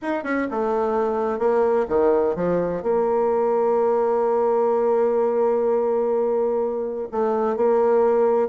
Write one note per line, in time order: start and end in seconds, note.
0.02 0.23 D#4
0.23 0.47 C#4
0.50 1.39 A3
1.39 1.86 A#3
1.88 2.35 D#3
2.35 2.82 F3
2.83 7.08 A#3
7.11 7.56 A3
7.56 8.48 A#3